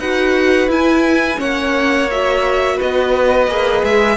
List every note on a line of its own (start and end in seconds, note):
0.00 0.68 D#4
0.00 0.70 F#4
0.00 1.40 B4
0.00 0.70 F#5
0.68 1.38 E4
0.68 1.37 E4
0.68 1.41 G#5
1.37 2.80 A#3
1.37 2.07 C#4
1.37 2.77 C#5
1.37 2.10 F#5
2.11 3.49 F#4
2.11 2.81 E5
2.77 3.48 B3
2.77 4.16 B4
2.77 3.85 D#5
3.48 3.83 A#3
3.48 4.17 G#4
3.84 4.17 G#3
3.84 4.17 E5